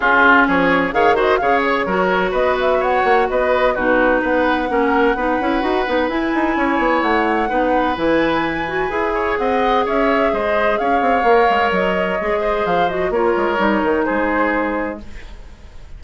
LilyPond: <<
  \new Staff \with { instrumentName = "flute" } { \time 4/4 \tempo 4 = 128 gis'4 cis''4 f''8 dis''8 f''8 cis''8~ | cis''4 dis''8 e''8 fis''4 dis''4 | b'4 fis''2.~ | fis''4 gis''2 fis''4~ |
fis''4 gis''2. | fis''4 e''4 dis''4 f''4~ | f''4 dis''2 f''8 dis''8 | cis''2 c''2 | }
  \new Staff \with { instrumentName = "oboe" } { \time 4/4 f'4 gis'4 cis''8 c''8 cis''4 | ais'4 b'4 cis''4 b'4 | fis'4 b'4 ais'4 b'4~ | b'2 cis''2 |
b'2.~ b'8 cis''8 | dis''4 cis''4 c''4 cis''4~ | cis''2~ cis''8 c''4. | ais'2 gis'2 | }
  \new Staff \with { instrumentName = "clarinet" } { \time 4/4 cis'2 gis'8 fis'8 gis'4 | fis'1 | dis'2 cis'4 dis'8 e'8 | fis'8 dis'8 e'2. |
dis'4 e'4. fis'8 gis'4~ | gis'1 | ais'2 gis'4. fis'8 | f'4 dis'2. | }
  \new Staff \with { instrumentName = "bassoon" } { \time 4/4 cis'4 f4 dis4 cis4 | fis4 b4. ais8 b4 | b,4 b4 ais4 b8 cis'8 | dis'8 b8 e'8 dis'8 cis'8 b8 a4 |
b4 e2 e'4 | c'4 cis'4 gis4 cis'8 c'8 | ais8 gis8 fis4 gis4 f4 | ais8 gis8 g8 dis8 gis2 | }
>>